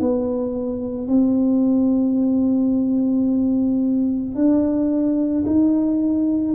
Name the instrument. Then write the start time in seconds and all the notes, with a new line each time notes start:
tuba
0.00 B3
1.08 C4
4.35 D4
5.46 D#4